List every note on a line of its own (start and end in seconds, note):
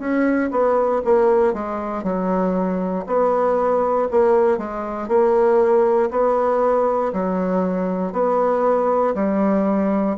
0.00 0.51 C#4
0.52 1.03 B3
1.05 1.53 A#3
1.53 2.04 G#3
2.04 3.06 F#3
3.07 4.09 B3
4.11 4.58 A#3
4.58 5.08 G#3
5.08 6.10 A#3
6.11 7.13 B3
7.13 8.13 F#3
8.13 9.15 B3
9.15 10.17 G3